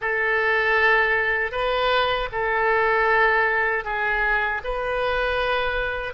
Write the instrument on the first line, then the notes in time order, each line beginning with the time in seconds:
oboe
0.01 A4
1.51 B4
2.31 A4
3.84 G#4
4.64 B4